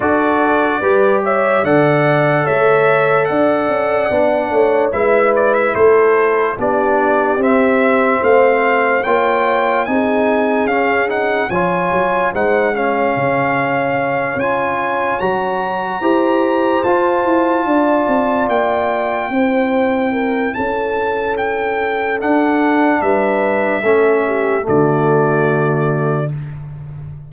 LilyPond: <<
  \new Staff \with { instrumentName = "trumpet" } { \time 4/4 \tempo 4 = 73 d''4. e''8 fis''4 e''4 | fis''2 e''8 d''16 e''16 c''4 | d''4 e''4 f''4 g''4 | gis''4 f''8 fis''8 gis''4 fis''8 f''8~ |
f''4. gis''4 ais''4.~ | ais''8 a''2 g''4.~ | g''4 a''4 g''4 fis''4 | e''2 d''2 | }
  \new Staff \with { instrumentName = "horn" } { \time 4/4 a'4 b'8 cis''8 d''4 cis''4 | d''4. cis''8 b'4 a'4 | g'2 c''4 cis''4 | gis'2 cis''4 c''8 cis''8~ |
cis''2.~ cis''8 c''8~ | c''4. d''2 c''8~ | c''8 ais'8 a'2. | b'4 a'8 g'8 fis'2 | }
  \new Staff \with { instrumentName = "trombone" } { \time 4/4 fis'4 g'4 a'2~ | a'4 d'4 e'2 | d'4 c'2 f'4 | dis'4 cis'8 dis'8 f'4 dis'8 cis'8~ |
cis'4. f'4 fis'4 g'8~ | g'8 f'2. e'8~ | e'2. d'4~ | d'4 cis'4 a2 | }
  \new Staff \with { instrumentName = "tuba" } { \time 4/4 d'4 g4 d4 a4 | d'8 cis'8 b8 a8 gis4 a4 | b4 c'4 a4 ais4 | c'4 cis'4 f8 fis8 gis4 |
cis4. cis'4 fis4 e'8~ | e'8 f'8 e'8 d'8 c'8 ais4 c'8~ | c'4 cis'2 d'4 | g4 a4 d2 | }
>>